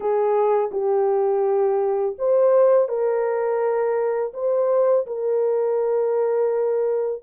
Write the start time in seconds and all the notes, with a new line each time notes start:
0.00 G#4
0.71 G4
2.18 C5
2.88 A#4
4.33 C5
5.06 A#4